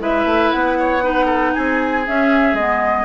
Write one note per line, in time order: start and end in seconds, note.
0.00 0.25 G#3
0.00 1.02 E4
0.00 0.78 B4
0.00 0.52 E5
0.25 0.51 A3
0.52 1.56 B3
0.52 1.54 F#5
0.79 1.04 C#5
1.03 2.04 D#4
1.03 1.26 B4
1.26 1.51 A4
1.54 2.08 C4
1.54 3.05 G#4
1.54 2.05 G#5
2.07 2.58 C#4
2.07 2.54 C#4
2.07 2.56 E5
2.54 3.04 G#3
2.54 3.05 B3
2.54 3.05 D#5